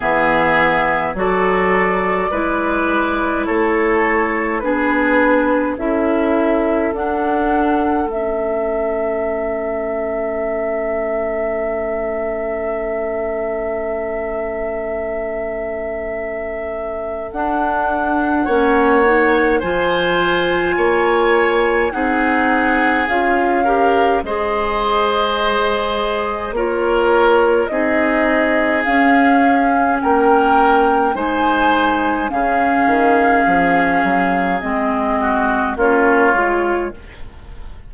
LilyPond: <<
  \new Staff \with { instrumentName = "flute" } { \time 4/4 \tempo 4 = 52 e''4 d''2 cis''4 | b'4 e''4 fis''4 e''4~ | e''1~ | e''2. fis''4~ |
fis''4 gis''2 fis''4 | f''4 dis''2 cis''4 | dis''4 f''4 g''4 gis''4 | f''2 dis''4 cis''4 | }
  \new Staff \with { instrumentName = "oboe" } { \time 4/4 gis'4 a'4 b'4 a'4 | gis'4 a'2.~ | a'1~ | a'1 |
cis''4 c''4 cis''4 gis'4~ | gis'8 ais'8 c''2 ais'4 | gis'2 ais'4 c''4 | gis'2~ gis'8 fis'8 f'4 | }
  \new Staff \with { instrumentName = "clarinet" } { \time 4/4 b4 fis'4 e'2 | d'4 e'4 d'4 cis'4~ | cis'1~ | cis'2. d'4 |
cis'8 dis'8 f'2 dis'4 | f'8 g'8 gis'2 f'4 | dis'4 cis'2 dis'4 | cis'2 c'4 cis'8 f'8 | }
  \new Staff \with { instrumentName = "bassoon" } { \time 4/4 e4 fis4 gis4 a4 | b4 cis'4 d'4 a4~ | a1~ | a2. d'4 |
ais4 f4 ais4 c'4 | cis'4 gis2 ais4 | c'4 cis'4 ais4 gis4 | cis8 dis8 f8 fis8 gis4 ais8 gis8 | }
>>